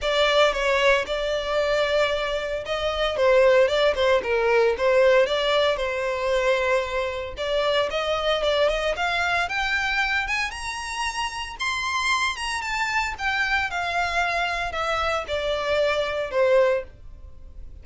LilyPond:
\new Staff \with { instrumentName = "violin" } { \time 4/4 \tempo 4 = 114 d''4 cis''4 d''2~ | d''4 dis''4 c''4 d''8 c''8 | ais'4 c''4 d''4 c''4~ | c''2 d''4 dis''4 |
d''8 dis''8 f''4 g''4. gis''8 | ais''2 c'''4. ais''8 | a''4 g''4 f''2 | e''4 d''2 c''4 | }